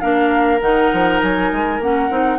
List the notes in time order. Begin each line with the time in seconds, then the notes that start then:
0.00 A#3 D4 A#4 F5
0.61 D#3 D#4 F#5
0.93 F3
1.22 F#3 G#5
1.52 G#3
1.80 A#3 C#4 F#5
2.11 C4 D#4